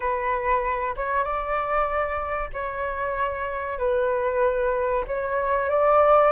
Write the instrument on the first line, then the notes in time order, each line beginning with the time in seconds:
flute
0.00 B4
0.96 C#5
1.23 D5
2.53 C#5
3.78 B4
5.07 C#5
5.69 D5